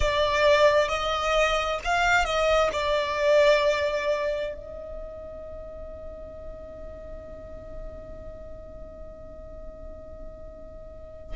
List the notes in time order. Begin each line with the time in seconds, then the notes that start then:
0.00 D5
0.88 D#5
1.84 F5
2.24 D#5
2.72 D5
4.54 D#5